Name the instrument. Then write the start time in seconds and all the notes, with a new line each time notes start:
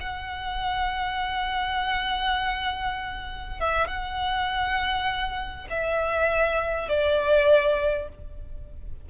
violin
0.00 F#5
3.60 E5
3.87 F#5
5.69 E5
6.88 D5